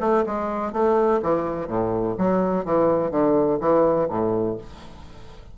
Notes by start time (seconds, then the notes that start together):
0.00 A3
0.26 G#3
0.72 A3
1.22 E3
1.68 A2
2.18 F#3
2.64 E3
3.11 D3
3.60 E3
4.09 A2